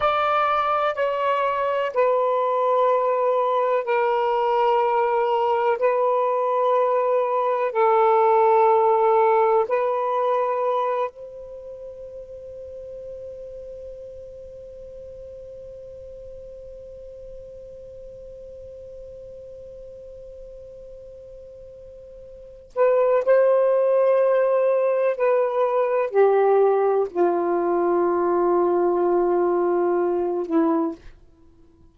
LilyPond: \new Staff \with { instrumentName = "saxophone" } { \time 4/4 \tempo 4 = 62 d''4 cis''4 b'2 | ais'2 b'2 | a'2 b'4. c''8~ | c''1~ |
c''1~ | c''2.~ c''8 b'8 | c''2 b'4 g'4 | f'2.~ f'8 e'8 | }